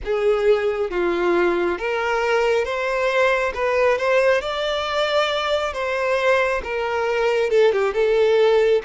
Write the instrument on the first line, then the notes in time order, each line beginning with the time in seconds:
violin
0.04 G#4
0.90 F4
1.78 A#4
2.64 C5
3.54 B4
3.97 C5
4.41 D5
5.73 C5
6.63 A#4
7.50 A4
7.72 G4
7.93 A4